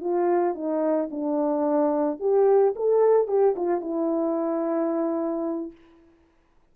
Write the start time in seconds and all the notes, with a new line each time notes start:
0.00 F4
0.54 D#4
1.10 D4
2.19 G4
2.75 A4
3.27 G4
3.56 F4
3.80 E4